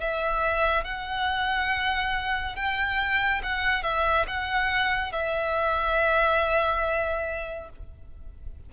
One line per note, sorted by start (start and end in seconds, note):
0.00 0.85 E5
0.85 2.56 F#5
2.56 3.42 G5
3.43 3.83 F#5
3.83 4.26 E5
4.27 5.12 F#5
5.12 7.69 E5